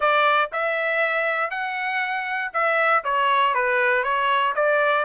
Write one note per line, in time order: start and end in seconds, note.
0.00 0.50 D5
0.52 1.50 E5
1.50 2.51 F#5
2.53 3.03 E5
3.04 3.54 C#5
3.54 4.03 B4
4.03 4.54 C#5
4.55 5.05 D5